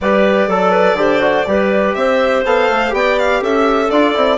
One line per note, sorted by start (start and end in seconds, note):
0.00 0.48 G3
0.00 0.50 G4
0.00 0.48 B4
0.00 1.93 D5
0.48 0.93 F#3
0.48 0.71 A4
0.48 0.96 A4
0.71 0.95 B4
0.93 1.42 D3
0.93 1.21 G4
0.93 1.48 C5
1.21 1.45 F#4
1.47 1.95 G3
1.47 2.45 G4
1.47 1.97 B4
1.93 2.44 C4
1.93 2.94 C5
1.93 2.42 E5
2.44 2.68 B3
2.44 2.89 A4
2.44 2.94 F5
2.69 2.92 A3
2.89 3.41 B3
2.89 3.86 G4
2.89 3.41 D5
2.89 3.18 G5
3.19 3.43 F5
3.41 3.90 C#4
3.41 4.38 A4
3.41 3.90 E5
3.90 4.15 D4
3.90 4.14 F4
3.90 4.38 D5
4.14 4.38 C4
4.14 4.38 E4